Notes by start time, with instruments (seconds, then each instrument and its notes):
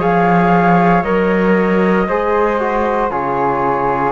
0.00 cello F3, trombone G#4, flute C#5 F5
1.03 cello F#3, trombone A#4, flute D#5
2.08 cello G#3, trombone G#4, flute C5
2.60 trombone F#4
3.11 cello C#3, trombone F4, flute G#4 C#5